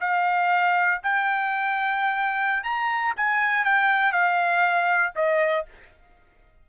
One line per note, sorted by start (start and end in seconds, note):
0.00 1.01 F5
1.03 2.63 G5
2.63 3.14 A#5
3.16 3.64 G#5
3.64 4.12 G5
4.12 5.13 F5
5.15 5.65 D#5